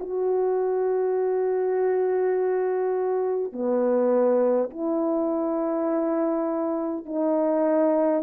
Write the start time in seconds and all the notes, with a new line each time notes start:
0.00 F#4
3.52 B3
4.71 E4
7.06 D#4